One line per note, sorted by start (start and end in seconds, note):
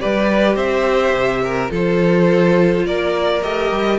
0.00 0.56 G3
0.00 1.69 G4
0.00 0.56 B4
0.00 0.56 D5
0.56 1.12 C4
0.56 1.41 C5
0.56 1.71 E5
1.12 1.69 C3
1.44 1.71 A#4
1.69 2.84 F3
1.69 3.40 F4
1.69 2.85 A4
1.69 2.86 C5
2.84 3.42 A#3
2.84 3.98 A#4
2.84 3.42 D5
3.42 3.71 A3
3.42 3.98 G4
3.42 3.98 D#5
3.71 3.98 G3